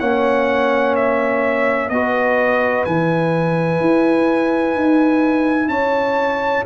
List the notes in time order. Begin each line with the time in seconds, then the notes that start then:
0.00 A#3 C#4 C#5 F#5
0.96 E5
1.90 B3 F#4 B4 D#5
2.86 E3 E4 G#5
3.81 E4
4.76 D#4
5.68 C#4 C#5 A5